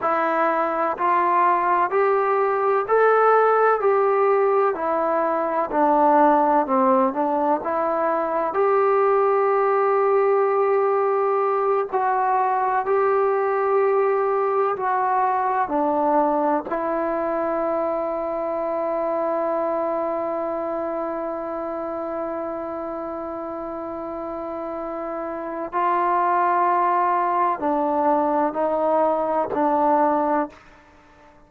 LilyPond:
\new Staff \with { instrumentName = "trombone" } { \time 4/4 \tempo 4 = 63 e'4 f'4 g'4 a'4 | g'4 e'4 d'4 c'8 d'8 | e'4 g'2.~ | g'8 fis'4 g'2 fis'8~ |
fis'8 d'4 e'2~ e'8~ | e'1~ | e'2. f'4~ | f'4 d'4 dis'4 d'4 | }